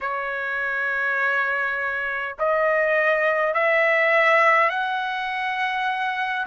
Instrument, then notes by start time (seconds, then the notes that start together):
trumpet
0.01 C#5
2.39 D#5
3.53 E5
4.69 F#5